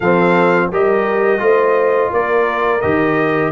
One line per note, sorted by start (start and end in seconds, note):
0.00 0.71 F3
0.00 0.71 C4
0.00 0.68 A4
0.00 0.70 F5
0.71 1.40 G3
0.71 1.38 G4
0.71 1.42 A#4
0.71 2.13 D#5
1.38 2.11 A3
1.38 2.80 F4
1.38 2.10 C5
2.10 2.83 A#3
2.10 3.51 A#4
2.10 2.81 D5
2.81 3.51 D#3
2.81 3.51 G4
2.81 3.51 D#5